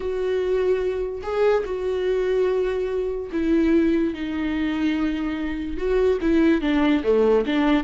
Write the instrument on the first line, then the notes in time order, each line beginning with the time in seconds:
viola
0.00 F#4
1.22 G#4
1.65 F#4
3.32 E4
4.14 D#4
5.77 F#4
6.21 E4
6.61 D4
7.03 A3
7.45 D4